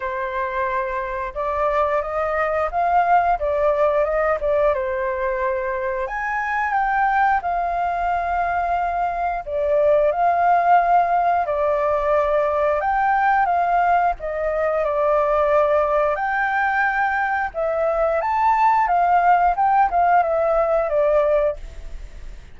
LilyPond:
\new Staff \with { instrumentName = "flute" } { \time 4/4 \tempo 4 = 89 c''2 d''4 dis''4 | f''4 d''4 dis''8 d''8 c''4~ | c''4 gis''4 g''4 f''4~ | f''2 d''4 f''4~ |
f''4 d''2 g''4 | f''4 dis''4 d''2 | g''2 e''4 a''4 | f''4 g''8 f''8 e''4 d''4 | }